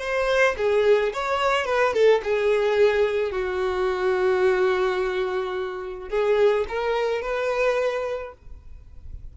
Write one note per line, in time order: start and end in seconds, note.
0.00 0.56 C5
0.57 1.13 G#4
1.13 1.66 C#5
1.66 1.94 B4
1.94 2.22 A4
2.24 3.32 G#4
3.32 6.09 F#4
6.10 6.65 G#4
6.69 7.22 A#4
7.22 8.33 B4